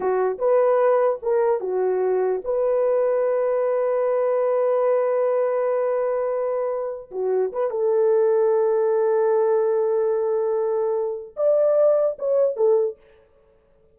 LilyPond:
\new Staff \with { instrumentName = "horn" } { \time 4/4 \tempo 4 = 148 fis'4 b'2 ais'4 | fis'2 b'2~ | b'1~ | b'1~ |
b'4. fis'4 b'8 a'4~ | a'1~ | a'1 | d''2 cis''4 a'4 | }